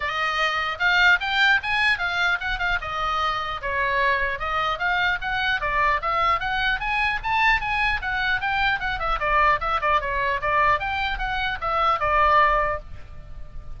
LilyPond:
\new Staff \with { instrumentName = "oboe" } { \time 4/4 \tempo 4 = 150 dis''2 f''4 g''4 | gis''4 f''4 fis''8 f''8 dis''4~ | dis''4 cis''2 dis''4 | f''4 fis''4 d''4 e''4 |
fis''4 gis''4 a''4 gis''4 | fis''4 g''4 fis''8 e''8 d''4 | e''8 d''8 cis''4 d''4 g''4 | fis''4 e''4 d''2 | }